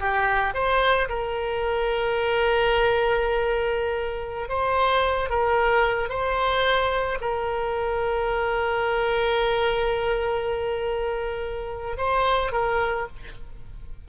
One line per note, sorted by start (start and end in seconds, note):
0.00 0.54 G4
0.54 1.08 C5
1.09 4.49 A#4
4.49 5.29 C5
5.29 6.09 A#4
6.09 7.18 C5
7.20 11.97 A#4
11.97 12.52 C5
12.52 13.06 A#4